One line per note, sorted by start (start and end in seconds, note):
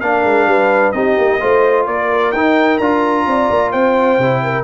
0.00 0.24 A#3
0.00 0.94 D4
0.00 0.48 A#4
0.00 0.92 F5
0.24 0.46 G#3
0.46 0.93 G3
0.46 0.94 B4
0.92 1.17 C4
0.92 1.40 D#4
0.92 1.41 G4
0.92 1.85 D#5
1.18 1.41 A#3
1.40 1.87 A3
1.40 2.33 F4
1.40 1.87 C5
1.87 2.32 A#3
1.87 3.28 A#4
1.87 2.32 D5
2.32 2.79 D#4
2.32 2.81 D#4
2.32 2.78 G5
2.78 3.26 D4
2.78 4.21 F4
2.78 3.71 A#5
3.27 3.50 C4
3.27 3.72 D5
3.50 3.73 A#3
3.72 4.18 C4
3.72 4.42 C5
3.72 4.64 G5
4.18 4.64 C3
4.18 4.64 E4
4.43 4.64 A#4